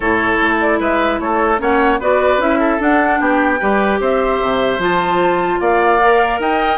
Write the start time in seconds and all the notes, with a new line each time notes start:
0.00 A2 E4 A4 C#5
0.41 A3
0.60 D5
0.79 G#3 B4 E5
1.19 A3 A4 C#5
1.58 A#3 C#4 C#5 F#5
2.00 B3 F#4 B4 D5
2.37 C#4 E4 E5
2.59 A4
2.79 D4 F#5
3.19 B3 G4 G5
3.59 G3 G4 B4
4.00 C4 C5 E5
4.41 C3
4.78 F3 F4 A5
5.60 A#3 D5 F5
6.02 A#4
6.39 D#4 D#5 G5